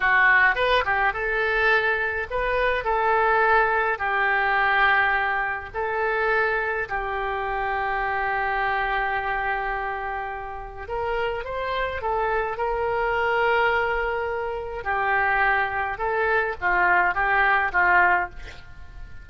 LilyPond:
\new Staff \with { instrumentName = "oboe" } { \time 4/4 \tempo 4 = 105 fis'4 b'8 g'8 a'2 | b'4 a'2 g'4~ | g'2 a'2 | g'1~ |
g'2. ais'4 | c''4 a'4 ais'2~ | ais'2 g'2 | a'4 f'4 g'4 f'4 | }